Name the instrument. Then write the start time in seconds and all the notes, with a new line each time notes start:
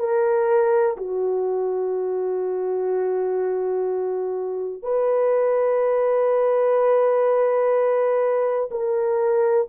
horn
0.00 A#4
0.98 F#4
4.83 B4
8.71 A#4